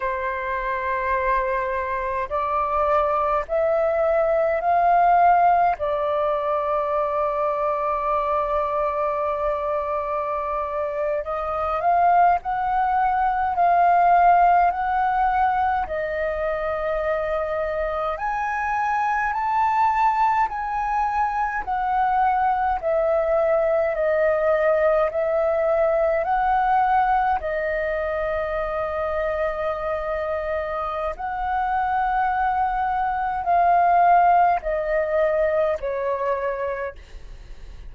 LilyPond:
\new Staff \with { instrumentName = "flute" } { \time 4/4 \tempo 4 = 52 c''2 d''4 e''4 | f''4 d''2.~ | d''4.~ d''16 dis''8 f''8 fis''4 f''16~ | f''8. fis''4 dis''2 gis''16~ |
gis''8. a''4 gis''4 fis''4 e''16~ | e''8. dis''4 e''4 fis''4 dis''16~ | dis''2. fis''4~ | fis''4 f''4 dis''4 cis''4 | }